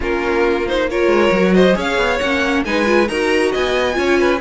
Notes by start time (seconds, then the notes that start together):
0.00 A#3 C#4 F4 A#4
0.67 D#4 C5
0.90 F4 A#4 C#5
1.07 G#3
1.31 F#3 F#4
1.53 C5 D#5
1.73 C#4 G#4 C#5
1.80 F5
1.97 B3
2.19 A#3 C#4 F#5
2.65 G#3 D#4 B4 G#5
2.85 F4
3.07 D#4 F#4 A#4 A#5
3.51 B3 D#5 G#5
3.93 C#4 F4 C#5
4.19 B4